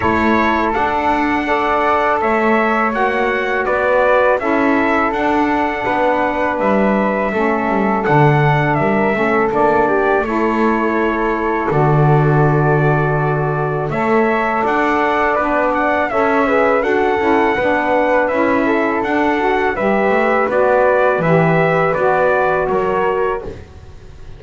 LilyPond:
<<
  \new Staff \with { instrumentName = "trumpet" } { \time 4/4 \tempo 4 = 82 cis''4 fis''2 e''4 | fis''4 d''4 e''4 fis''4~ | fis''4 e''2 fis''4 | e''4 d''4 cis''2 |
d''2. e''4 | fis''4 b'8 fis''8 e''4 fis''4~ | fis''4 e''4 fis''4 e''4 | d''4 e''4 d''4 cis''4 | }
  \new Staff \with { instrumentName = "flute" } { \time 4/4 a'2 d''4 cis''4~ | cis''4 b'4 a'2 | b'2 a'2 | ais'8 a'4 g'8 a'2~ |
a'2. cis''4 | d''2 cis''8 b'8 a'4 | b'4. a'4. b'4~ | b'2. ais'4 | }
  \new Staff \with { instrumentName = "saxophone" } { \time 4/4 e'4 d'4 a'2 | fis'2 e'4 d'4~ | d'2 cis'4 d'4~ | d'8 cis'8 d'4 e'2 |
fis'2. a'4~ | a'4 d'4 a'8 gis'8 fis'8 e'8 | d'4 e'4 d'8 fis'8 g'4 | fis'4 g'4 fis'2 | }
  \new Staff \with { instrumentName = "double bass" } { \time 4/4 a4 d'2 a4 | ais4 b4 cis'4 d'4 | b4 g4 a8 g8 d4 | g8 a8 ais4 a2 |
d2. a4 | d'4 b4 cis'4 d'8 cis'8 | b4 cis'4 d'4 g8 a8 | b4 e4 b4 fis4 | }
>>